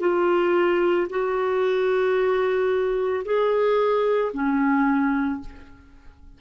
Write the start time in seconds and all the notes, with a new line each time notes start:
0.00 F4
1.09 F#4
3.24 G#4
4.33 C#4